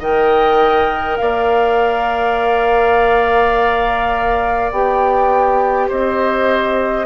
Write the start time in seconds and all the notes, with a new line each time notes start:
0.00 D#3 A#4 D#5 G5
1.18 A#3 D5 F5
4.72 B3 G4 G5
5.88 C4 C5 D#5